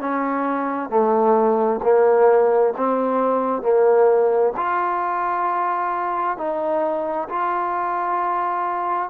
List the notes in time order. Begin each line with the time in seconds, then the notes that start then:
0.00 C#4
0.89 A3
1.83 A#3
2.77 C4
3.62 A#3
4.57 F4
6.37 D#4
7.29 F4